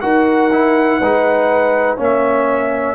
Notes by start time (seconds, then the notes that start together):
0.00 D#4 F#4 A#4 F#5
0.52 E4
0.99 G#3 D#4 B4
1.96 A#3 C#4 C#5
2.03 E5